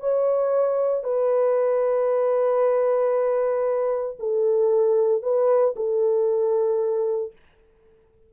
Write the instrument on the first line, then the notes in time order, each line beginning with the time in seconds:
horn
0.00 C#5
1.03 B4
4.19 A4
5.22 B4
5.76 A4